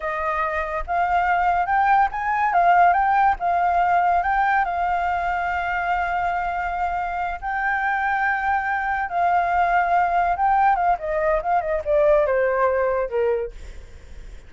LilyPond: \new Staff \with { instrumentName = "flute" } { \time 4/4 \tempo 4 = 142 dis''2 f''2 | g''4 gis''4 f''4 g''4 | f''2 g''4 f''4~ | f''1~ |
f''4. g''2~ g''8~ | g''4. f''2~ f''8~ | f''8 g''4 f''8 dis''4 f''8 dis''8 | d''4 c''2 ais'4 | }